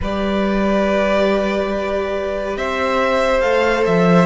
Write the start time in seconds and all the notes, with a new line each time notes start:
0.01 G3 G4 B4 D5
2.56 C4 C5 E5
3.40 A3 A4 F5
3.85 F3 E5